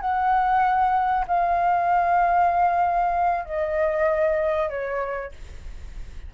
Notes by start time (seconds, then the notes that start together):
0.00 F#5
1.27 F5
3.44 D#5
4.69 C#5